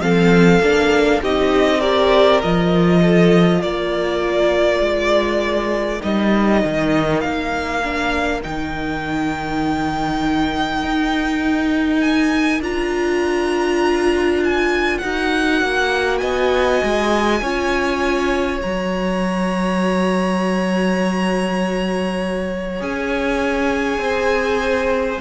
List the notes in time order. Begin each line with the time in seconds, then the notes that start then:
0.00 F3 C4 A4 F5
0.60 A#3 D4
1.22 C4 D#4 G4 D#5
1.79 G4 A#4 D5
2.42 F3 F4 D#5
3.02 A4
3.61 A#3 A#4 D5
4.80 G#3
6.00 G3 D#4 D#5
6.65 D#3
7.20 A#3 F5
7.83 D4
8.42 D#3 D#4 G5
10.83 D#4
12.01 G#5
12.60 D4 F4 A#5
14.44 G#5
14.98 D#4 F#4 F#5
15.61 A#3
16.18 B3 D#5 G#5
16.83 G#3
17.41 C#4 F4 C#5
18.61 F#3 F#4 A#5
22.80 C#4 G#4 G#5
23.98 C4 C5